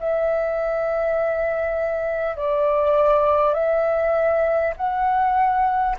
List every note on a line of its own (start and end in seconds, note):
0.00 2.37 E5
2.37 3.53 D5
3.53 4.73 E5
4.76 5.96 F#5